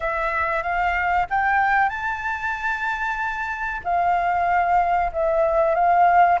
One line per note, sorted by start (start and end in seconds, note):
0.00 0.62 E5
0.62 1.26 F5
1.30 1.89 G5
1.89 3.80 A5
3.84 5.11 F5
5.12 5.74 E5
5.74 6.38 F5